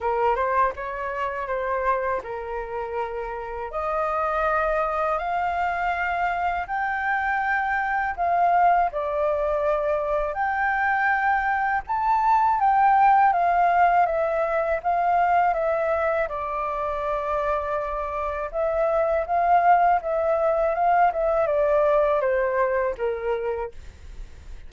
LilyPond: \new Staff \with { instrumentName = "flute" } { \time 4/4 \tempo 4 = 81 ais'8 c''8 cis''4 c''4 ais'4~ | ais'4 dis''2 f''4~ | f''4 g''2 f''4 | d''2 g''2 |
a''4 g''4 f''4 e''4 | f''4 e''4 d''2~ | d''4 e''4 f''4 e''4 | f''8 e''8 d''4 c''4 ais'4 | }